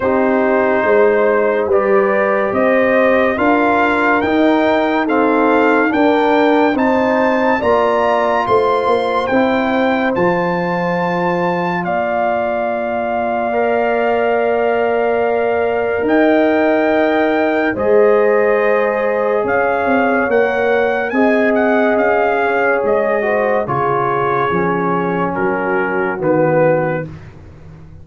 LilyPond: <<
  \new Staff \with { instrumentName = "trumpet" } { \time 4/4 \tempo 4 = 71 c''2 d''4 dis''4 | f''4 g''4 f''4 g''4 | a''4 ais''4 c'''4 g''4 | a''2 f''2~ |
f''2. g''4~ | g''4 dis''2 f''4 | fis''4 gis''8 fis''8 f''4 dis''4 | cis''2 ais'4 b'4 | }
  \new Staff \with { instrumentName = "horn" } { \time 4/4 g'4 c''4 b'4 c''4 | ais'2 a'4 ais'4 | c''4 d''4 c''2~ | c''2 d''2~ |
d''2. dis''4~ | dis''4 c''2 cis''4~ | cis''4 dis''4. cis''4 c''8 | gis'2 fis'2 | }
  \new Staff \with { instrumentName = "trombone" } { \time 4/4 dis'2 g'2 | f'4 dis'4 c'4 d'4 | dis'4 f'2 e'4 | f'1 |
ais'1~ | ais'4 gis'2. | ais'4 gis'2~ gis'8 fis'8 | f'4 cis'2 b4 | }
  \new Staff \with { instrumentName = "tuba" } { \time 4/4 c'4 gis4 g4 c'4 | d'4 dis'2 d'4 | c'4 ais4 a8 ais8 c'4 | f2 ais2~ |
ais2. dis'4~ | dis'4 gis2 cis'8 c'8 | ais4 c'4 cis'4 gis4 | cis4 f4 fis4 dis4 | }
>>